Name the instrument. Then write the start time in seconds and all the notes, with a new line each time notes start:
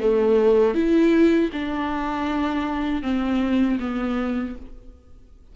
viola
0.00 A3
0.74 E4
1.53 D4
3.02 C4
3.79 B3